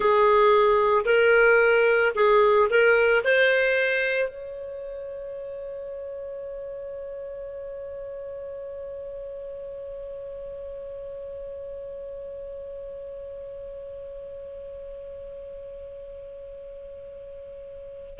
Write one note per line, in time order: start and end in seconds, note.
0.00 1.04 G#4
1.05 2.12 A#4
2.15 2.68 G#4
2.69 3.23 A#4
3.24 4.28 C5
4.28 18.19 C#5